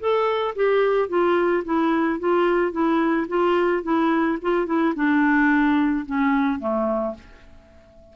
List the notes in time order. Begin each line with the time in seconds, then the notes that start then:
0.00 A4
0.56 G4
1.09 F4
1.65 E4
2.20 F4
2.72 E4
3.29 F4
3.83 E4
4.42 F4
4.67 E4
4.96 D4
6.06 C#4
6.60 A3